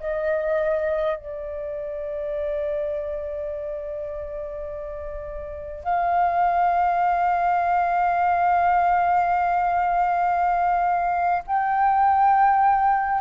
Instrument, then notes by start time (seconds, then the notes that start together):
flute
0.00 D#5
1.17 D5
5.84 F5
11.47 G5